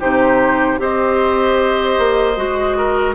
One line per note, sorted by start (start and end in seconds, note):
0.00 0.79 C3
0.00 0.78 D#4
0.00 0.79 G4
0.00 0.80 C5
0.78 1.98 C4
0.78 2.36 G4
0.78 2.78 C5
0.78 3.15 D#5
1.99 2.37 A#3
2.37 3.15 G#3
2.37 3.15 F#4
2.78 3.15 A#4